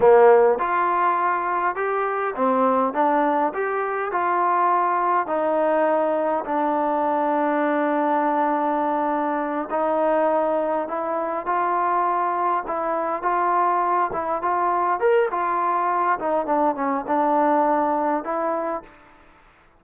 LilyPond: \new Staff \with { instrumentName = "trombone" } { \time 4/4 \tempo 4 = 102 ais4 f'2 g'4 | c'4 d'4 g'4 f'4~ | f'4 dis'2 d'4~ | d'1~ |
d'8 dis'2 e'4 f'8~ | f'4. e'4 f'4. | e'8 f'4 ais'8 f'4. dis'8 | d'8 cis'8 d'2 e'4 | }